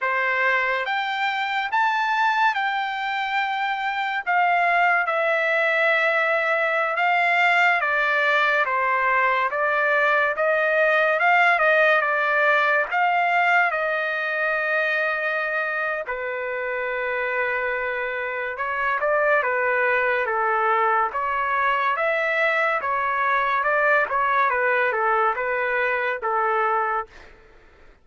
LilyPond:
\new Staff \with { instrumentName = "trumpet" } { \time 4/4 \tempo 4 = 71 c''4 g''4 a''4 g''4~ | g''4 f''4 e''2~ | e''16 f''4 d''4 c''4 d''8.~ | d''16 dis''4 f''8 dis''8 d''4 f''8.~ |
f''16 dis''2~ dis''8. b'4~ | b'2 cis''8 d''8 b'4 | a'4 cis''4 e''4 cis''4 | d''8 cis''8 b'8 a'8 b'4 a'4 | }